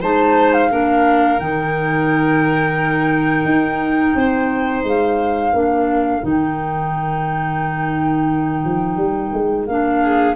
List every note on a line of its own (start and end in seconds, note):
0.00 0.70 G#3
0.00 0.70 D#4
0.00 0.69 C5
0.00 0.53 A5
0.53 1.39 F5
0.70 1.38 A#3
0.70 1.39 D4
0.70 4.16 A#4
1.38 3.45 D#3
1.38 5.53 D#4
1.38 4.84 G5
3.45 4.14 D#4
4.15 4.83 C4
4.15 5.55 C5
4.83 5.52 G#3
4.83 6.24 F5
5.53 6.22 A#3
5.53 6.22 D4
5.53 10.02 A#4
6.22 8.64 D#3
6.22 9.67 D#4
6.22 9.66 G5
8.64 8.96 F3
8.96 9.31 G3
9.32 9.67 G#3
9.66 10.35 A#3
9.66 10.35 D4
9.66 10.35 F5
10.02 10.35 G#4